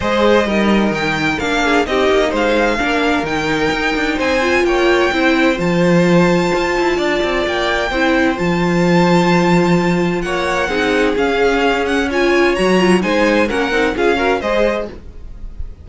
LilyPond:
<<
  \new Staff \with { instrumentName = "violin" } { \time 4/4 \tempo 4 = 129 dis''2 g''4 f''4 | dis''4 f''2 g''4~ | g''4 gis''4 g''2 | a''1 |
g''2 a''2~ | a''2 fis''2 | f''4. fis''8 gis''4 ais''4 | gis''4 fis''4 f''4 dis''4 | }
  \new Staff \with { instrumentName = "violin" } { \time 4/4 c''4 ais'2~ ais'8 gis'8 | g'4 c''4 ais'2~ | ais'4 c''4 cis''4 c''4~ | c''2. d''4~ |
d''4 c''2.~ | c''2 cis''4 gis'4~ | gis'2 cis''2 | c''4 ais'4 gis'8 ais'8 c''4 | }
  \new Staff \with { instrumentName = "viola" } { \time 4/4 gis'4 dis'2 d'4 | dis'2 d'4 dis'4~ | dis'4. f'4. e'4 | f'1~ |
f'4 e'4 f'2~ | f'2. dis'4 | cis'2 f'4 fis'8 f'8 | dis'4 cis'8 dis'8 f'8 fis'8 gis'4 | }
  \new Staff \with { instrumentName = "cello" } { \time 4/4 gis4 g4 dis4 ais4 | c'8 ais8 gis4 ais4 dis4 | dis'8 d'8 c'4 ais4 c'4 | f2 f'8 e'8 d'8 c'8 |
ais4 c'4 f2~ | f2 ais4 c'4 | cis'2. fis4 | gis4 ais8 c'8 cis'4 gis4 | }
>>